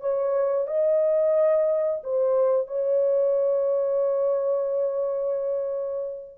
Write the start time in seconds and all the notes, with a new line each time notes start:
0.00 C#5
0.67 D#5
2.03 C5
2.67 C#5